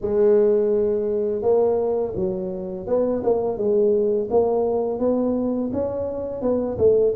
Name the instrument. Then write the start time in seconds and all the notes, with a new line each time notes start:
tuba
0.01 G#3
1.42 A#3
2.15 F#3
2.86 B3
3.23 A#3
3.57 G#3
4.30 A#3
4.99 B3
5.72 C#4
6.41 B3
6.78 A3